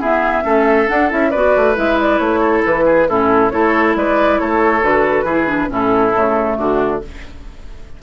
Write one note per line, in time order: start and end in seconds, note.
0.00 0.43 B3
0.00 0.44 E4
0.00 0.44 G#4
0.00 0.88 E5
0.43 0.88 A3
0.43 0.87 C#4
0.43 1.31 A4
0.87 1.09 D4
0.87 1.12 D4
0.87 1.10 F#5
1.09 1.34 C#4
1.09 1.31 E4
1.09 1.31 E5
1.31 1.56 B3
1.31 1.75 F#4
1.31 2.40 B4
1.31 1.74 D5
1.56 1.77 A3
1.75 2.19 G#3
1.75 3.07 E4
1.75 2.00 E5
2.01 2.19 D5
2.19 2.63 A3
2.19 2.63 C#5
2.40 2.84 A4
2.65 3.08 E3
2.65 3.09 B4
2.86 3.07 G#4
3.08 3.52 A2
3.08 3.51 C#4
3.08 3.52 E4
3.08 3.50 A4
3.50 3.96 A3
3.50 4.82 E4
3.50 3.97 A4
3.50 3.94 C#5
3.96 4.40 G#3
3.96 4.40 B4
3.96 4.40 D5
4.40 4.83 A3
4.40 5.25 A4
4.40 4.84 C#5
4.82 5.24 D3
4.82 5.26 F#4
4.82 5.72 B4
5.24 5.68 E3
5.24 5.47 E4
5.24 5.69 G#4
5.47 5.68 D4
5.68 6.15 A2
5.68 6.12 C#4
5.68 6.57 E4
5.68 6.58 A4
6.15 6.58 C#3
6.15 7.02 A3
6.57 7.02 D3
6.57 7.01 D4
6.57 7.02 F#4